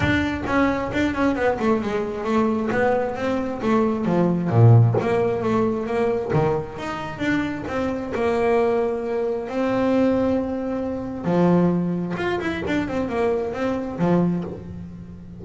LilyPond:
\new Staff \with { instrumentName = "double bass" } { \time 4/4 \tempo 4 = 133 d'4 cis'4 d'8 cis'8 b8 a8 | gis4 a4 b4 c'4 | a4 f4 ais,4 ais4 | a4 ais4 dis4 dis'4 |
d'4 c'4 ais2~ | ais4 c'2.~ | c'4 f2 f'8 e'8 | d'8 c'8 ais4 c'4 f4 | }